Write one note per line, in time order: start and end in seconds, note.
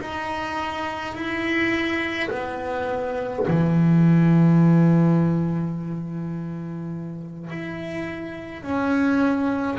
0.00 1.14 D#4
1.14 2.30 E4
2.30 3.46 B3
3.47 7.50 E3
7.50 8.62 E4
8.62 9.78 C#4